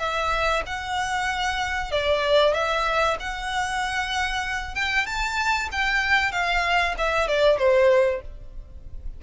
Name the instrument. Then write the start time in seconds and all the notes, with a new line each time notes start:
violin
0.00 E5
0.67 F#5
1.92 D5
2.54 E5
3.20 F#5
4.75 G5
5.06 A5
5.72 G5
6.32 F5
6.98 E5
7.28 D5
7.58 C5